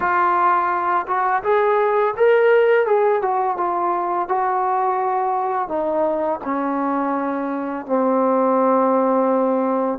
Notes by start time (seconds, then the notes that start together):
0.00 F4
1.07 F#4
1.43 G#4
2.17 A#4
2.86 G#4
3.21 F#4
3.57 F4
4.28 F#4
5.68 D#4
6.44 C#4
7.85 C4